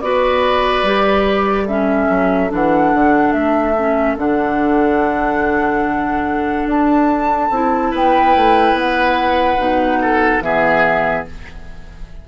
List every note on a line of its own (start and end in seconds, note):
0.00 0.82 B3
0.00 0.85 F#4
0.00 1.64 B4
0.00 1.67 D5
0.82 2.07 G3
0.82 1.68 G4
1.64 2.49 C#4
1.64 7.89 A4
1.64 2.51 E5
2.09 2.51 F#3
2.49 2.93 E3
2.49 3.74 D4
2.49 3.32 F#5
2.93 3.32 D3
3.32 4.16 A3
3.32 4.16 E5
3.78 4.17 C#4
4.17 6.66 D3
4.17 7.50 D4
4.17 6.68 F#5
6.66 7.49 D4
6.66 7.94 A5
7.50 7.92 C4
7.50 9.57 E4
7.90 8.35 B3
7.90 9.99 B4
7.90 8.77 G5
8.36 8.72 A3
8.72 9.55 B3
8.72 10.41 F#5
9.57 10.41 B2
9.57 10.41 D#4
10.01 10.43 A4
10.41 11.24 E3
10.41 11.25 B3
10.41 11.27 G#4
10.41 11.24 E5